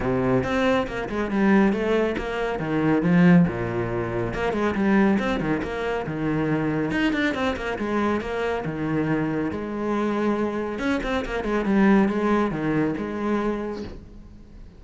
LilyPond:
\new Staff \with { instrumentName = "cello" } { \time 4/4 \tempo 4 = 139 c4 c'4 ais8 gis8 g4 | a4 ais4 dis4 f4 | ais,2 ais8 gis8 g4 | c'8 dis8 ais4 dis2 |
dis'8 d'8 c'8 ais8 gis4 ais4 | dis2 gis2~ | gis4 cis'8 c'8 ais8 gis8 g4 | gis4 dis4 gis2 | }